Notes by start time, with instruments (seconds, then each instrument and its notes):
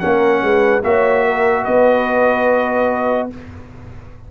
0.00 tuba A#3, trombone C#4, horn A#4, trumpet F#5
0.42 tuba G#3, horn B4
0.84 tuba A#3, trombone F#4, horn C#5, trumpet E5
1.25 horn A#4
1.64 tuba B3, horn B4, trumpet D#5